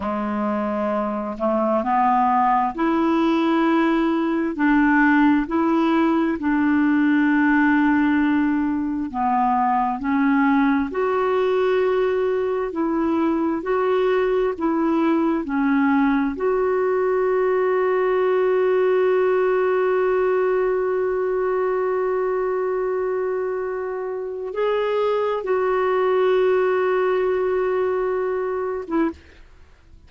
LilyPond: \new Staff \with { instrumentName = "clarinet" } { \time 4/4 \tempo 4 = 66 gis4. a8 b4 e'4~ | e'4 d'4 e'4 d'4~ | d'2 b4 cis'4 | fis'2 e'4 fis'4 |
e'4 cis'4 fis'2~ | fis'1~ | fis'2. gis'4 | fis'2.~ fis'8. e'16 | }